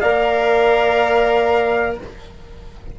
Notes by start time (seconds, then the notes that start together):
0.00 A#3 A#4 D5 F5